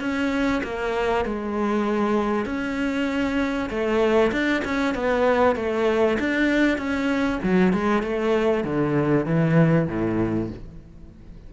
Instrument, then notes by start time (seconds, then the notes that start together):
cello
0.00 C#4
0.64 A#3
1.25 G#3
2.45 C#4
3.70 A3
4.32 D4
4.64 C#4
4.95 B3
5.56 A3
6.19 D4
6.78 C#4
7.43 F#3
7.73 G#3
8.02 A3
8.64 D3
9.26 E3
9.88 A2